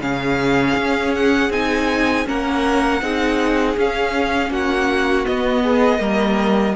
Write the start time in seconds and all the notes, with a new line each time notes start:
0.00 C#3 C#4 G#4 F5
0.76 C#4
1.15 F#5
1.50 C4 D#4 G#5
2.25 A#3 C#4 A#4 F#5
3.02 C4 D#4 G#4
3.78 C#4 F5
4.51 A#3 F#4 F#5
5.25 B3 D#5
5.63 G#4
5.99 G3 A#3 A#4